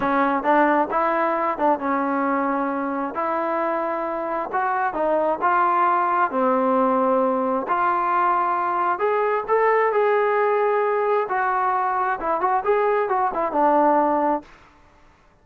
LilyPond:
\new Staff \with { instrumentName = "trombone" } { \time 4/4 \tempo 4 = 133 cis'4 d'4 e'4. d'8 | cis'2. e'4~ | e'2 fis'4 dis'4 | f'2 c'2~ |
c'4 f'2. | gis'4 a'4 gis'2~ | gis'4 fis'2 e'8 fis'8 | gis'4 fis'8 e'8 d'2 | }